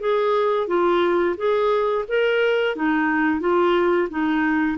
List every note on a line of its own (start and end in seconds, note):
0.00 0.67 G#4
0.67 1.35 F4
1.36 2.05 G#4
2.08 2.75 A#4
2.75 3.40 D#4
3.40 4.08 F4
4.09 4.78 D#4